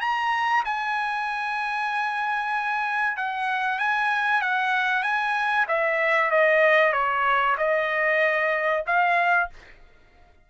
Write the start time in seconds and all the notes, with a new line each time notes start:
0.00 A#5
0.64 G#5
3.17 F#5
3.78 G#5
4.41 F#5
5.03 G#5
5.68 E5
6.30 D#5
6.93 C#5
7.57 D#5
8.86 F5